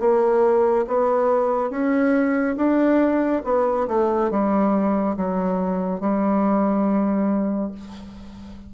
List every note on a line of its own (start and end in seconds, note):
0.00 0.86 A#3
0.88 1.71 B3
1.71 2.56 C#4
2.57 3.42 D4
3.44 3.87 B3
3.88 4.31 A3
4.31 5.17 G3
5.17 6.00 F#3
6.00 7.72 G3